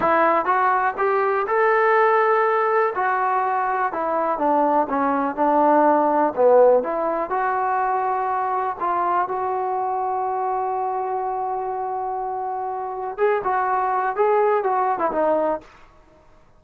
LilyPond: \new Staff \with { instrumentName = "trombone" } { \time 4/4 \tempo 4 = 123 e'4 fis'4 g'4 a'4~ | a'2 fis'2 | e'4 d'4 cis'4 d'4~ | d'4 b4 e'4 fis'4~ |
fis'2 f'4 fis'4~ | fis'1~ | fis'2. gis'8 fis'8~ | fis'4 gis'4 fis'8. e'16 dis'4 | }